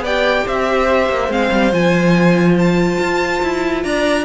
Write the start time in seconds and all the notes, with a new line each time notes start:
0.00 B3 D5 G5
0.06 G4
0.45 C4 C5 E5
1.09 A#3
1.28 G#3 C4 F5
1.51 G3
1.72 F3 F4 G#5
2.58 A5
2.99 F4
3.42 E4
3.84 D4 D5 A#5